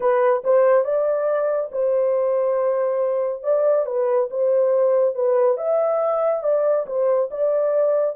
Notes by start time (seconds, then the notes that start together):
0.00 B4
0.44 C5
0.84 D5
1.71 C5
3.43 D5
3.86 B4
4.30 C5
5.14 B4
5.57 E5
6.43 D5
6.86 C5
7.31 D5